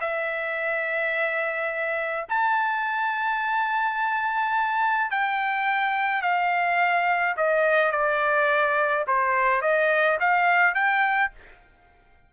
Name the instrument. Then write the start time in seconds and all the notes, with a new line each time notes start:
trumpet
0.00 E5
2.28 A5
5.10 G5
6.22 F5
7.36 D#5
7.91 D5
9.07 C5
9.61 D#5
10.19 F5
10.74 G5